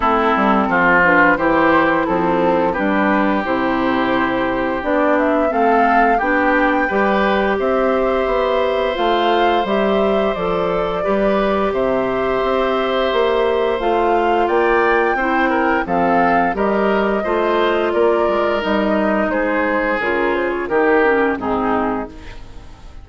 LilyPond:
<<
  \new Staff \with { instrumentName = "flute" } { \time 4/4 \tempo 4 = 87 a'4. b'8 c''4 a'4 | b'4 c''2 d''8 e''8 | f''4 g''2 e''4~ | e''4 f''4 e''4 d''4~ |
d''4 e''2. | f''4 g''2 f''4 | dis''2 d''4 dis''4 | c''4 ais'8 c''16 cis''16 ais'4 gis'4 | }
  \new Staff \with { instrumentName = "oboe" } { \time 4/4 e'4 f'4 g'4 c'4 | g'1 | a'4 g'4 b'4 c''4~ | c''1 |
b'4 c''2.~ | c''4 d''4 c''8 ais'8 a'4 | ais'4 c''4 ais'2 | gis'2 g'4 dis'4 | }
  \new Staff \with { instrumentName = "clarinet" } { \time 4/4 c'4. d'8 e'2 | d'4 e'2 d'4 | c'4 d'4 g'2~ | g'4 f'4 g'4 a'4 |
g'1 | f'2 e'4 c'4 | g'4 f'2 dis'4~ | dis'4 f'4 dis'8 cis'8 c'4 | }
  \new Staff \with { instrumentName = "bassoon" } { \time 4/4 a8 g8 f4 e4 f4 | g4 c2 b4 | a4 b4 g4 c'4 | b4 a4 g4 f4 |
g4 c4 c'4 ais4 | a4 ais4 c'4 f4 | g4 a4 ais8 gis8 g4 | gis4 cis4 dis4 gis,4 | }
>>